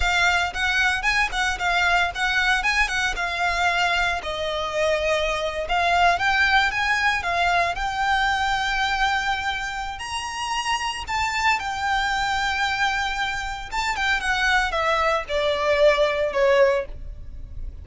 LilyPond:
\new Staff \with { instrumentName = "violin" } { \time 4/4 \tempo 4 = 114 f''4 fis''4 gis''8 fis''8 f''4 | fis''4 gis''8 fis''8 f''2 | dis''2~ dis''8. f''4 g''16~ | g''8. gis''4 f''4 g''4~ g''16~ |
g''2. ais''4~ | ais''4 a''4 g''2~ | g''2 a''8 g''8 fis''4 | e''4 d''2 cis''4 | }